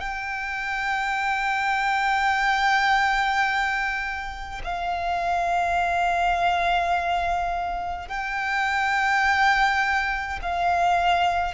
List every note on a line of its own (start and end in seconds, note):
0.00 4.62 G5
4.65 8.09 F5
8.09 10.40 G5
10.43 11.54 F5